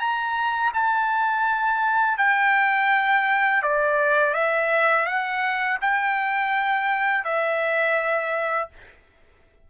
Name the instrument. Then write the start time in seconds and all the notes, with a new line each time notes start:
trumpet
0.00 A#5
0.74 A5
2.18 G5
3.63 D5
4.34 E5
5.06 F#5
5.82 G5
7.25 E5